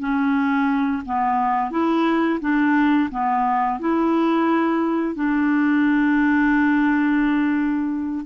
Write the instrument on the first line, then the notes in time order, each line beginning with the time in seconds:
clarinet
0.00 C#4
1.06 B3
1.71 E4
2.41 D4
3.11 B3
3.80 E4
5.16 D4